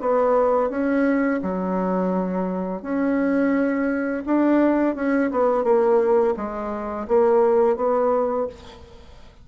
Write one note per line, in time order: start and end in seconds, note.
0.00 0.70 B3
0.70 1.40 C#4
1.42 2.82 F#3
2.82 4.23 C#4
4.26 4.95 D4
4.95 5.30 C#4
5.31 5.63 B3
5.63 6.34 A#3
6.36 7.07 G#3
7.08 7.76 A#3
7.76 8.46 B3